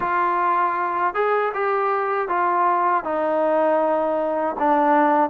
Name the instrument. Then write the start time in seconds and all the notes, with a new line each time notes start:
trombone
0.00 F4
1.14 G#4
1.54 G4
2.28 F4
3.04 D#4
4.58 D4